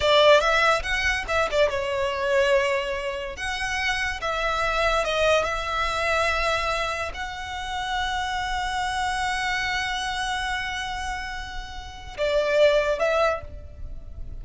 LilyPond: \new Staff \with { instrumentName = "violin" } { \time 4/4 \tempo 4 = 143 d''4 e''4 fis''4 e''8 d''8 | cis''1 | fis''2 e''2 | dis''4 e''2.~ |
e''4 fis''2.~ | fis''1~ | fis''1~ | fis''4 d''2 e''4 | }